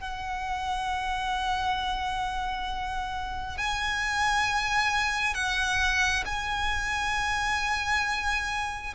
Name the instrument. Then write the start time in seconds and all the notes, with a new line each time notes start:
violin
0.00 F#5
3.58 G#5
5.34 F#5
6.25 G#5